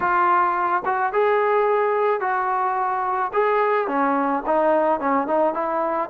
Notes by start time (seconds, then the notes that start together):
0.00 F4
0.85 F#4
1.12 G#4
2.20 F#4
3.33 G#4
3.87 C#4
4.45 D#4
4.99 C#4
5.27 D#4
5.54 E4